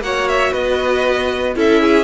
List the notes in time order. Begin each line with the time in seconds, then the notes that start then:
0.00 A#3 F#4 C#5 F#5
0.29 E5
0.52 B3 B4 D#5
1.55 C#4 E4 A4 E5
1.82 G#4